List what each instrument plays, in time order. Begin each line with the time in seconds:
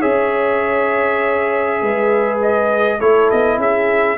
0.00 tuba C#4, trombone G#4, horn C#5, trumpet E5
1.82 tuba G#3, horn B4
2.42 trumpet D#5
2.98 tuba A3, trombone E4, horn A4, trumpet C#5
3.30 tuba B3, trumpet D#5
3.58 tuba C#4, horn G#4, trumpet E5